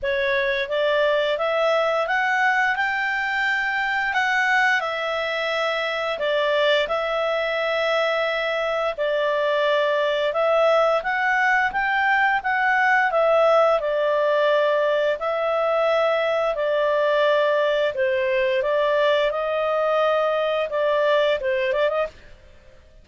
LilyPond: \new Staff \with { instrumentName = "clarinet" } { \time 4/4 \tempo 4 = 87 cis''4 d''4 e''4 fis''4 | g''2 fis''4 e''4~ | e''4 d''4 e''2~ | e''4 d''2 e''4 |
fis''4 g''4 fis''4 e''4 | d''2 e''2 | d''2 c''4 d''4 | dis''2 d''4 c''8 d''16 dis''16 | }